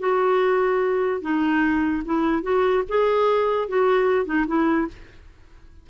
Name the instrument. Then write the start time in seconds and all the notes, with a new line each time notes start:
clarinet
0.00 F#4
1.22 D#4
2.05 E4
2.43 F#4
2.89 G#4
3.69 F#4
4.26 D#4
4.47 E4